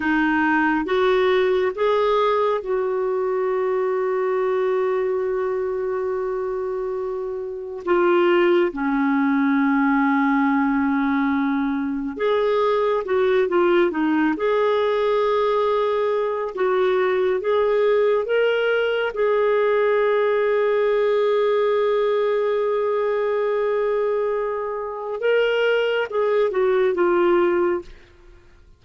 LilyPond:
\new Staff \with { instrumentName = "clarinet" } { \time 4/4 \tempo 4 = 69 dis'4 fis'4 gis'4 fis'4~ | fis'1~ | fis'4 f'4 cis'2~ | cis'2 gis'4 fis'8 f'8 |
dis'8 gis'2~ gis'8 fis'4 | gis'4 ais'4 gis'2~ | gis'1~ | gis'4 ais'4 gis'8 fis'8 f'4 | }